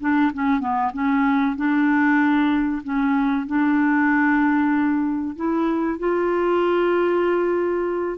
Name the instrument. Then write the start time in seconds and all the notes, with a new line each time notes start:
clarinet
0.00 D4
0.33 C#4
0.60 B3
0.93 C#4
1.56 D4
2.83 C#4
3.47 D4
5.36 E4
5.99 F4